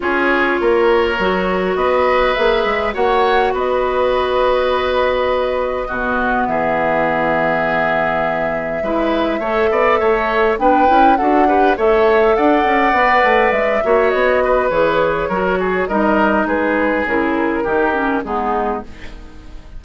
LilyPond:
<<
  \new Staff \with { instrumentName = "flute" } { \time 4/4 \tempo 4 = 102 cis''2. dis''4 | e''4 fis''4 dis''2~ | dis''2. e''4~ | e''1~ |
e''2 g''4 fis''4 | e''4 fis''2 e''4 | dis''4 cis''2 dis''4 | b'4 ais'2 gis'4 | }
  \new Staff \with { instrumentName = "oboe" } { \time 4/4 gis'4 ais'2 b'4~ | b'4 cis''4 b'2~ | b'2 fis'4 gis'4~ | gis'2. b'4 |
cis''8 d''8 cis''4 b'4 a'8 b'8 | cis''4 d''2~ d''8 cis''8~ | cis''8 b'4. ais'8 gis'8 ais'4 | gis'2 g'4 dis'4 | }
  \new Staff \with { instrumentName = "clarinet" } { \time 4/4 f'2 fis'2 | gis'4 fis'2.~ | fis'2 b2~ | b2. e'4 |
a'2 d'8 e'8 fis'8 g'8 | a'2 b'4. fis'8~ | fis'4 gis'4 fis'4 dis'4~ | dis'4 e'4 dis'8 cis'8 b4 | }
  \new Staff \with { instrumentName = "bassoon" } { \time 4/4 cis'4 ais4 fis4 b4 | ais8 gis8 ais4 b2~ | b2 b,4 e4~ | e2. gis4 |
a8 b8 a4 b8 cis'8 d'4 | a4 d'8 cis'8 b8 a8 gis8 ais8 | b4 e4 fis4 g4 | gis4 cis4 dis4 gis4 | }
>>